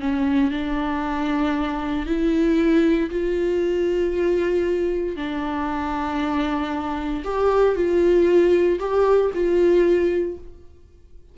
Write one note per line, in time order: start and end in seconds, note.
0.00 0.51 C#4
0.51 2.06 D4
2.06 3.10 E4
3.10 5.16 F4
5.16 7.23 D4
7.24 7.75 G4
7.75 8.79 F4
8.79 9.31 G4
9.34 10.38 F4